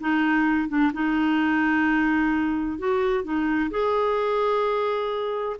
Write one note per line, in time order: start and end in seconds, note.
0.00 0.68 D#4
0.68 0.91 D4
0.93 2.78 D#4
2.78 3.23 F#4
3.23 3.70 D#4
3.70 5.56 G#4